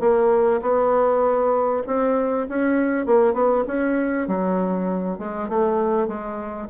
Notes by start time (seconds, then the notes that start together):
0.00 A#3
0.61 B3
1.87 C4
2.49 C#4
3.06 A#3
3.34 B3
3.67 C#4
4.28 F#3
5.18 G#3
5.49 A3
6.07 G#3